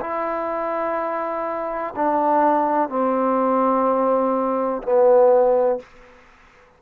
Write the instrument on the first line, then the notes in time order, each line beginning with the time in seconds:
trombone
0.00 E4
1.95 D4
2.89 C4
4.82 B3